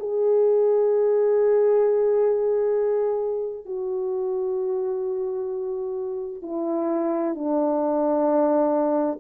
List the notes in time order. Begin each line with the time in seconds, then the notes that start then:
0.00 G#4
3.65 F#4
6.42 E4
7.35 D4